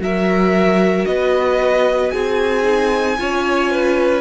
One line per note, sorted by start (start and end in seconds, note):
0.00 1.05 F#3
0.00 2.63 F#4
0.00 1.08 A#4
0.00 1.05 E5
1.05 2.13 B3
1.05 2.12 B4
1.05 2.10 D#5
2.10 3.19 C4
2.10 3.17 G#4
2.10 4.21 G#5
2.63 3.16 D#4
3.17 4.21 C#4
3.17 4.21 F4
3.17 3.71 C#5
3.71 4.21 B4